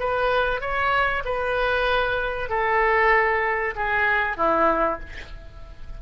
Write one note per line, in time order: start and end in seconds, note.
0.00 0.61 B4
0.61 1.24 C#5
1.25 2.50 B4
2.50 3.75 A4
3.76 4.38 G#4
4.38 5.00 E4